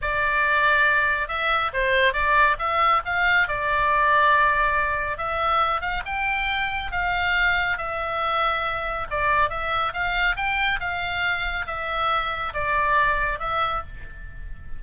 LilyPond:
\new Staff \with { instrumentName = "oboe" } { \time 4/4 \tempo 4 = 139 d''2. e''4 | c''4 d''4 e''4 f''4 | d''1 | e''4. f''8 g''2 |
f''2 e''2~ | e''4 d''4 e''4 f''4 | g''4 f''2 e''4~ | e''4 d''2 e''4 | }